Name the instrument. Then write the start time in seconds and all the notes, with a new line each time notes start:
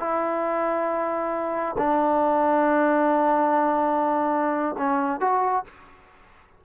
trombone
0.00 E4
1.78 D4
4.78 C#4
5.21 F#4